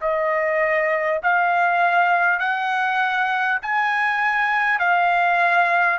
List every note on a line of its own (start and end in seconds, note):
0.00 1.20 D#5
1.22 2.39 F5
2.39 3.59 F#5
3.62 4.79 G#5
4.79 5.99 F5